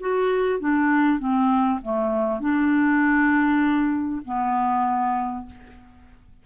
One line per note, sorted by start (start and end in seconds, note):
0.00 0.60 F#4
0.60 1.19 D4
1.19 1.80 C4
1.82 2.40 A3
2.40 4.22 D4
4.25 5.46 B3